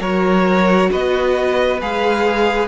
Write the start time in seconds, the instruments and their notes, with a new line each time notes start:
0.00 cello F#3, viola F#4, violin A#4 C#5
0.92 cello B3, violin B4 D#5
1.82 cello G#3, viola G#4, violin F5